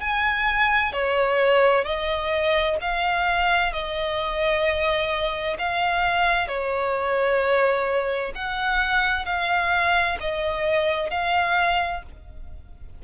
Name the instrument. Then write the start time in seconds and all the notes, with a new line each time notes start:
violin
0.00 G#5
0.92 C#5
1.85 D#5
2.81 F5
3.72 D#5
5.58 F5
6.47 C#5
8.35 F#5
9.25 F5
10.20 D#5
11.10 F5